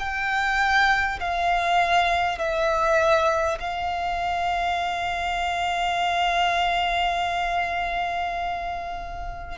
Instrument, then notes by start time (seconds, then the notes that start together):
violin
0.00 G5
1.21 F5
2.39 E5
3.60 F5